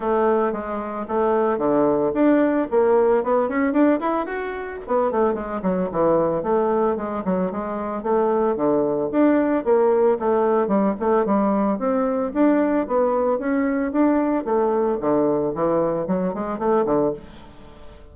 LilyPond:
\new Staff \with { instrumentName = "bassoon" } { \time 4/4 \tempo 4 = 112 a4 gis4 a4 d4 | d'4 ais4 b8 cis'8 d'8 e'8 | fis'4 b8 a8 gis8 fis8 e4 | a4 gis8 fis8 gis4 a4 |
d4 d'4 ais4 a4 | g8 a8 g4 c'4 d'4 | b4 cis'4 d'4 a4 | d4 e4 fis8 gis8 a8 d8 | }